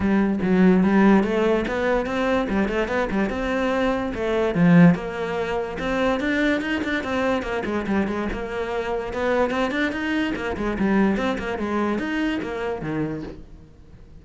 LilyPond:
\new Staff \with { instrumentName = "cello" } { \time 4/4 \tempo 4 = 145 g4 fis4 g4 a4 | b4 c'4 g8 a8 b8 g8 | c'2 a4 f4 | ais2 c'4 d'4 |
dis'8 d'8 c'4 ais8 gis8 g8 gis8 | ais2 b4 c'8 d'8 | dis'4 ais8 gis8 g4 c'8 ais8 | gis4 dis'4 ais4 dis4 | }